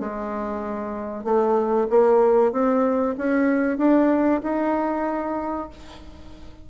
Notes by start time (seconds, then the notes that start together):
0.00 G#3
1.25 A3
1.90 A#3
2.53 C4
3.18 C#4
3.78 D4
4.43 D#4